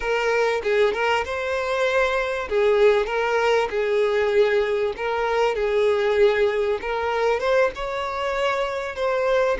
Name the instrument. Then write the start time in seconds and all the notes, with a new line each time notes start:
violin
0.00 A#4
0.63 G#4
0.93 A#4
1.24 C5
2.49 G#4
3.06 A#4
3.70 G#4
4.97 A#4
5.55 G#4
6.81 A#4
7.39 C5
7.75 C#5
8.96 C5